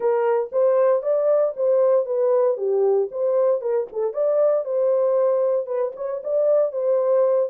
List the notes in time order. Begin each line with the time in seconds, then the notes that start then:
0.00 A#4
0.51 C5
1.02 D5
1.56 C5
2.05 B4
2.57 G4
3.11 C5
3.61 A#4
3.92 A4
4.13 D5
4.64 C5
5.66 B4
5.96 C#5
6.23 D5
6.72 C5